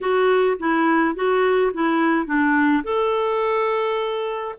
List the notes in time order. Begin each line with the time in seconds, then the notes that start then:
0.00 F#4
0.59 E4
1.15 F#4
1.73 E4
2.26 D4
2.83 A4